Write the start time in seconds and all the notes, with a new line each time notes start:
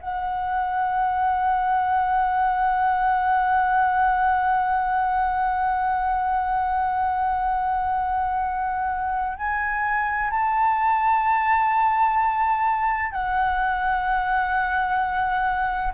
0.00 F#5
9.37 G#5
10.30 A5
13.11 F#5